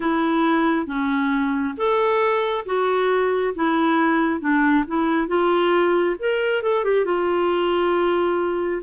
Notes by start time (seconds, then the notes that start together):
0.00 E4
0.86 C#4
1.76 A4
2.65 F#4
3.55 E4
4.40 D4
4.87 E4
5.27 F4
6.19 A#4
6.62 A4
6.84 G4
7.05 F4